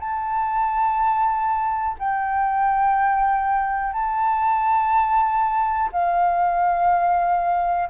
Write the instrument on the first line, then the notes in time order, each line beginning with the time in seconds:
flute
0.00 A5
1.99 G5
3.93 A5
5.92 F5